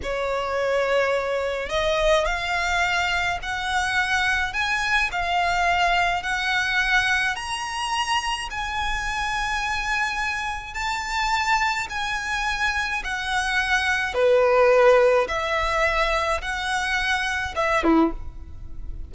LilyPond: \new Staff \with { instrumentName = "violin" } { \time 4/4 \tempo 4 = 106 cis''2. dis''4 | f''2 fis''2 | gis''4 f''2 fis''4~ | fis''4 ais''2 gis''4~ |
gis''2. a''4~ | a''4 gis''2 fis''4~ | fis''4 b'2 e''4~ | e''4 fis''2 e''8 e'8 | }